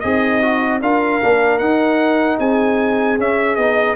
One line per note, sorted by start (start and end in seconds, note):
0.00 0.81 C4
0.00 0.82 D#4
0.00 0.42 G#4
0.00 0.79 D#5
0.42 0.81 F#4
0.81 1.21 D4
0.81 1.22 F4
0.81 2.39 A#4
0.81 1.58 F5
1.22 1.60 A#3
1.22 1.60 D4
1.58 2.38 D#4
1.58 3.18 D#4
1.58 2.37 F#5
2.39 3.18 C4
2.39 3.96 G#4
2.39 3.19 G#5
3.18 3.57 C#4
3.18 3.58 C#4
3.18 3.56 E5
3.56 3.96 B3
3.56 3.96 D#4
3.56 3.95 D#5